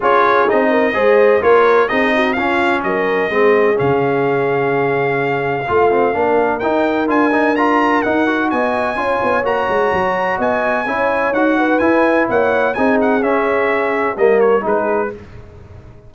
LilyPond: <<
  \new Staff \with { instrumentName = "trumpet" } { \time 4/4 \tempo 4 = 127 cis''4 dis''2 cis''4 | dis''4 f''4 dis''2 | f''1~ | f''2 g''4 gis''4 |
ais''4 fis''4 gis''2 | ais''2 gis''2 | fis''4 gis''4 fis''4 gis''8 fis''8 | e''2 dis''8 cis''8 b'4 | }
  \new Staff \with { instrumentName = "horn" } { \time 4/4 gis'4. ais'8 c''4 ais'4 | gis'8 fis'8 f'4 ais'4 gis'4~ | gis'1 | f'4 ais'2.~ |
ais'2 dis''4 cis''4~ | cis''2 dis''4 cis''4~ | cis''8 b'4. cis''4 gis'4~ | gis'2 ais'4 gis'4 | }
  \new Staff \with { instrumentName = "trombone" } { \time 4/4 f'4 dis'4 gis'4 f'4 | dis'4 cis'2 c'4 | cis'1 | f'8 c'8 d'4 dis'4 f'8 dis'8 |
f'4 dis'8 fis'4. f'4 | fis'2. e'4 | fis'4 e'2 dis'4 | cis'2 ais4 dis'4 | }
  \new Staff \with { instrumentName = "tuba" } { \time 4/4 cis'4 c'4 gis4 ais4 | c'4 cis'4 fis4 gis4 | cis1 | a4 ais4 dis'4 d'4~ |
d'4 dis'4 b4 cis'8 b8 | ais8 gis8 fis4 b4 cis'4 | dis'4 e'4 ais4 c'4 | cis'2 g4 gis4 | }
>>